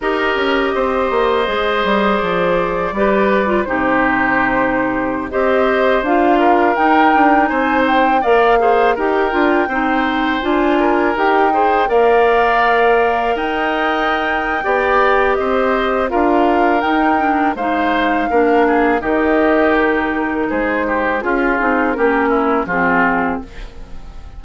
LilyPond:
<<
  \new Staff \with { instrumentName = "flute" } { \time 4/4 \tempo 4 = 82 dis''2. d''4~ | d''4 c''2~ c''16 dis''8.~ | dis''16 f''4 g''4 gis''8 g''8 f''8.~ | f''16 g''2 gis''4 g''8.~ |
g''16 f''2 g''4.~ g''16~ | g''4 dis''4 f''4 g''4 | f''2 dis''4 ais'4 | c''4 gis'4 ais'4 gis'4 | }
  \new Staff \with { instrumentName = "oboe" } { \time 4/4 ais'4 c''2. | b'4 g'2~ g'16 c''8.~ | c''8. ais'4. c''4 d''8 c''16~ | c''16 ais'4 c''4. ais'4 c''16~ |
c''16 d''2 dis''4.~ dis''16 | d''4 c''4 ais'2 | c''4 ais'8 gis'8 g'2 | gis'8 g'8 f'4 g'8 e'8 f'4 | }
  \new Staff \with { instrumentName = "clarinet" } { \time 4/4 g'2 gis'2 | g'8. f'16 dis'2~ dis'16 g'8.~ | g'16 f'4 dis'2 ais'8 gis'16~ | gis'16 g'8 f'8 dis'4 f'4 g'8 gis'16~ |
gis'16 ais'2.~ ais'8. | g'2 f'4 dis'8 d'8 | dis'4 d'4 dis'2~ | dis'4 f'8 dis'8 cis'4 c'4 | }
  \new Staff \with { instrumentName = "bassoon" } { \time 4/4 dis'8 cis'8 c'8 ais8 gis8 g8 f4 | g4 c2~ c16 c'8.~ | c'16 d'4 dis'8 d'8 c'4 ais8.~ | ais16 dis'8 d'8 c'4 d'4 dis'8.~ |
dis'16 ais2 dis'4.~ dis'16 | b4 c'4 d'4 dis'4 | gis4 ais4 dis2 | gis4 cis'8 c'8 ais4 f4 | }
>>